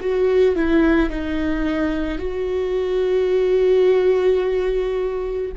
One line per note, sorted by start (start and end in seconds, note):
0.00 0.55 F#4
0.55 1.09 E4
1.09 2.18 D#4
2.18 5.52 F#4